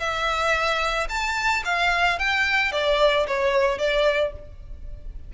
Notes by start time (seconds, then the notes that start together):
0.00 E5
1.09 A5
1.65 F5
2.19 G5
2.72 D5
3.28 C#5
3.79 D5